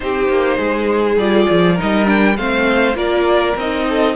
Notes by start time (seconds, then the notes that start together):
0.00 C4 D#4 G4 C5
0.28 A#3
0.57 G#3 G#4
1.16 G3 F4 D5
1.50 F3
1.74 D#4 A#4
1.81 G3 D#5
2.05 D4 G5
2.36 A3 C4 C5 F5
2.94 A#3 F4 A#4 D5
3.56 C4 D#4 D#5
3.88 A4